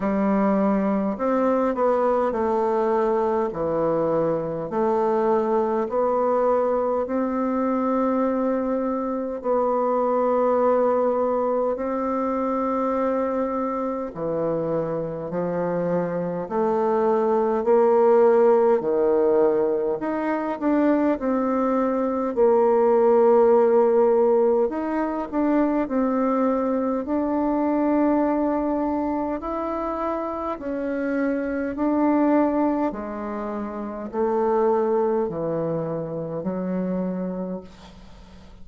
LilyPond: \new Staff \with { instrumentName = "bassoon" } { \time 4/4 \tempo 4 = 51 g4 c'8 b8 a4 e4 | a4 b4 c'2 | b2 c'2 | e4 f4 a4 ais4 |
dis4 dis'8 d'8 c'4 ais4~ | ais4 dis'8 d'8 c'4 d'4~ | d'4 e'4 cis'4 d'4 | gis4 a4 e4 fis4 | }